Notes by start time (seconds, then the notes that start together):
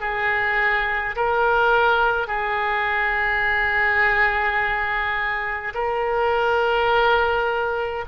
0.00 G#4
1.15 A#4
2.27 G#4
5.74 A#4